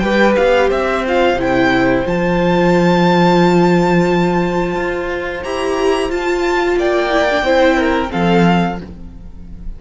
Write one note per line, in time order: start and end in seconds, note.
0.00 0.37 G3
0.00 1.05 G4
0.00 0.69 B4
0.00 0.34 G5
0.37 0.71 B3
0.37 0.70 F5
0.69 1.34 C4
0.69 6.75 C5
0.69 1.05 E5
1.06 1.39 F4
1.06 1.41 F5
1.34 2.01 C3
1.34 2.06 E4
1.41 2.07 G5
2.06 4.76 F3
2.06 5.44 F4
2.06 5.44 A5
4.76 5.43 F4
5.44 6.10 E4
5.44 6.11 G4
5.44 6.11 A#5
6.10 6.77 F4
6.10 7.11 F4
6.10 6.79 A5
6.77 7.43 A#3
6.77 7.45 D5
6.77 8.12 G5
7.11 7.28 E4
7.31 7.46 D4
7.43 8.10 C4
7.43 8.09 E4
7.43 7.78 C5
7.78 8.11 A#4
8.09 8.82 F3
8.09 8.76 C4
8.09 8.79 A4
8.09 8.79 F5